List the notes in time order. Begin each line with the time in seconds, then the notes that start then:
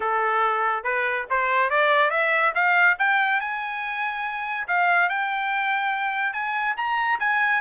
0.00 A4
0.83 B4
1.30 C5
1.70 D5
2.10 E5
2.54 F5
2.98 G5
3.40 G#5
4.67 F5
5.09 G5
6.33 G#5
6.76 A#5
7.19 G#5